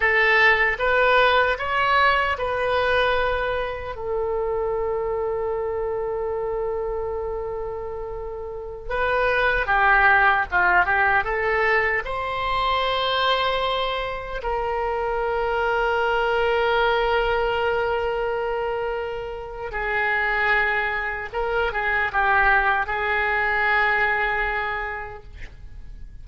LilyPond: \new Staff \with { instrumentName = "oboe" } { \time 4/4 \tempo 4 = 76 a'4 b'4 cis''4 b'4~ | b'4 a'2.~ | a'2.~ a'16 b'8.~ | b'16 g'4 f'8 g'8 a'4 c''8.~ |
c''2~ c''16 ais'4.~ ais'16~ | ais'1~ | ais'4 gis'2 ais'8 gis'8 | g'4 gis'2. | }